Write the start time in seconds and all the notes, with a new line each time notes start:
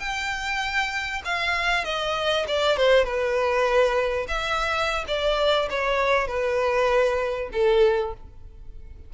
0.00 G5
1.25 F5
1.85 D#5
2.48 D5
2.77 C5
3.04 B4
4.28 E5
5.08 D5
5.70 C#5
6.27 B4
7.53 A4